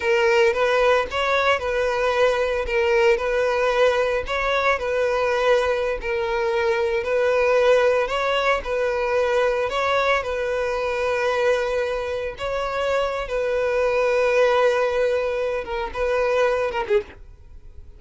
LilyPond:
\new Staff \with { instrumentName = "violin" } { \time 4/4 \tempo 4 = 113 ais'4 b'4 cis''4 b'4~ | b'4 ais'4 b'2 | cis''4 b'2~ b'16 ais'8.~ | ais'4~ ais'16 b'2 cis''8.~ |
cis''16 b'2 cis''4 b'8.~ | b'2.~ b'16 cis''8.~ | cis''4 b'2.~ | b'4. ais'8 b'4. ais'16 gis'16 | }